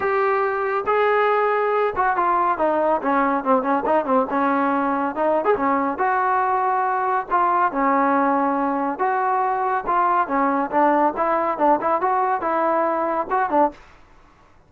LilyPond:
\new Staff \with { instrumentName = "trombone" } { \time 4/4 \tempo 4 = 140 g'2 gis'2~ | gis'8 fis'8 f'4 dis'4 cis'4 | c'8 cis'8 dis'8 c'8 cis'2 | dis'8. gis'16 cis'4 fis'2~ |
fis'4 f'4 cis'2~ | cis'4 fis'2 f'4 | cis'4 d'4 e'4 d'8 e'8 | fis'4 e'2 fis'8 d'8 | }